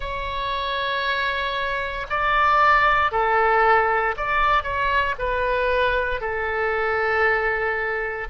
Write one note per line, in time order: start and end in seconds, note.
0.00 2.06 C#5
2.09 3.11 D5
3.11 4.15 A4
4.17 4.63 D5
4.63 5.14 C#5
5.18 6.21 B4
6.21 8.28 A4